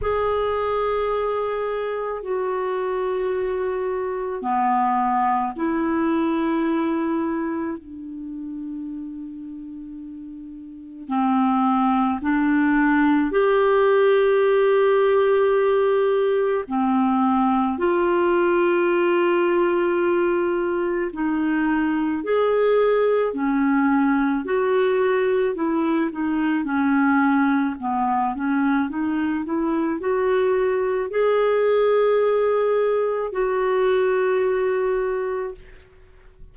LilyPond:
\new Staff \with { instrumentName = "clarinet" } { \time 4/4 \tempo 4 = 54 gis'2 fis'2 | b4 e'2 d'4~ | d'2 c'4 d'4 | g'2. c'4 |
f'2. dis'4 | gis'4 cis'4 fis'4 e'8 dis'8 | cis'4 b8 cis'8 dis'8 e'8 fis'4 | gis'2 fis'2 | }